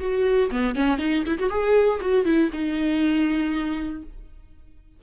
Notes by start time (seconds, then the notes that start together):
0.00 F#4
0.51 B3
0.75 C#4
0.98 D#4
1.26 E4
1.39 F#4
1.50 G#4
2.00 F#4
2.25 E4
2.52 D#4